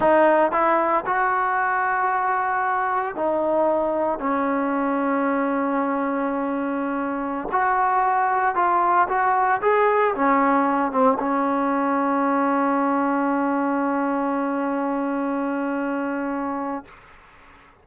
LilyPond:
\new Staff \with { instrumentName = "trombone" } { \time 4/4 \tempo 4 = 114 dis'4 e'4 fis'2~ | fis'2 dis'2 | cis'1~ | cis'2~ cis'16 fis'4.~ fis'16~ |
fis'16 f'4 fis'4 gis'4 cis'8.~ | cis'8. c'8 cis'2~ cis'8.~ | cis'1~ | cis'1 | }